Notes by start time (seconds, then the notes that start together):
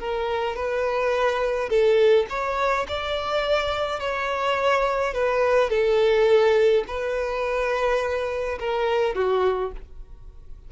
0.00 A#4
0.56 B4
1.70 A4
2.30 C#5
2.89 D5
4.00 C#5
5.15 B4
5.70 A4
6.88 B4
8.60 A#4
9.15 F#4